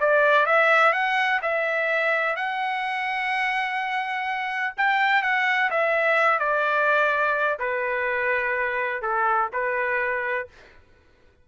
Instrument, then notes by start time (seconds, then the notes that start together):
trumpet
0.00 D5
0.46 E5
0.93 F#5
1.42 E5
2.36 F#5
4.77 G5
5.22 F#5
5.70 E5
6.39 D5
7.59 B4
9.02 A4
9.53 B4